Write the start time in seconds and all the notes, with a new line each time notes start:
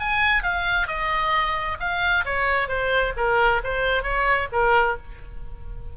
0.00 G#5
0.43 F5
0.88 D#5
1.80 F5
2.25 C#5
2.68 C5
3.16 A#4
3.64 C5
4.03 C#5
4.52 A#4